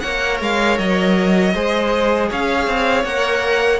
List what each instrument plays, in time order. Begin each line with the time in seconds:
0.00 cello A#3, viola A#4, violin C#5 F#5
0.41 cello G#3, violin F5
0.78 cello F#3, violin D#5
1.54 cello G#3, viola G#4, violin C5
2.29 cello C#4, violin C#5 F5
2.67 cello C4
3.04 cello A#3, viola A#4, violin F#5